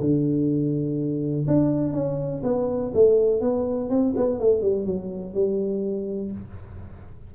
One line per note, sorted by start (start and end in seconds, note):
0.00 1.46 D3
1.47 1.93 D4
1.93 2.42 C#4
2.43 2.92 B3
2.94 3.41 A3
3.41 3.90 B3
3.90 4.14 C4
4.16 4.40 B3
4.40 4.62 A3
4.62 4.86 G3
4.86 5.34 F#3
5.34 6.32 G3